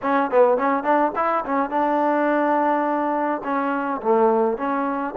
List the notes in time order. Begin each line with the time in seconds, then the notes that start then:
0.02 C#4
0.30 B3
0.57 C#4
0.83 D4
1.15 E4
1.45 C#4
1.70 D4
3.44 C#4
4.02 A3
4.57 C#4